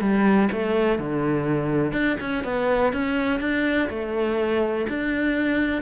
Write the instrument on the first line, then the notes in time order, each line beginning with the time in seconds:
cello
0.00 G3
0.52 A3
0.98 D3
1.92 D4
2.20 C#4
2.44 B3
2.92 C#4
3.40 D4
3.89 A3
4.88 D4